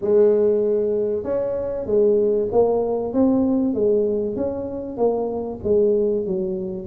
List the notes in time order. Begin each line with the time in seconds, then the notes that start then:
0.01 G#3
1.23 C#4
1.86 G#3
2.51 A#3
3.12 C4
3.74 G#3
4.36 C#4
4.97 A#3
5.63 G#3
6.26 F#3